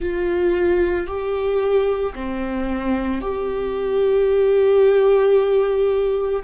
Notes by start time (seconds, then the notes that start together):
0.00 F4
1.06 G4
2.14 C4
3.21 G4